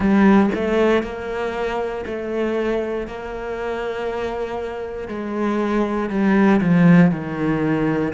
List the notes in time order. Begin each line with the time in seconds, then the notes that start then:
0.00 G3
0.55 A3
1.03 A#3
2.06 A3
3.07 A#3
5.08 G#3
6.09 G3
6.61 F3
7.11 D#3